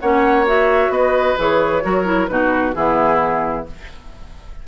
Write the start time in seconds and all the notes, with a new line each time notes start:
0.00 A#3 C#4 C#5 F#5
0.46 F#4 E5
0.89 B3 B4 D#5
1.38 E3 G#4 C#5
1.83 F#3 F#4 A#4
2.05 E4
2.27 B2 D#4 F#4 B4
2.74 E3 B3 E4 G#4